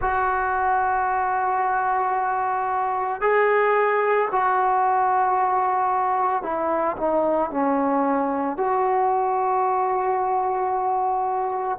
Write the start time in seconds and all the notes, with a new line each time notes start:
0.00 F#4
3.21 G#4
4.31 F#4
6.42 E4
6.97 D#4
7.50 C#4
8.57 F#4